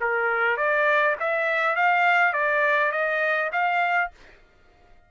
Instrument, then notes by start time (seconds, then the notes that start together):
trumpet
0.00 A#4
0.56 D5
1.19 E5
1.75 F5
2.33 D5
2.91 D#5
3.52 F5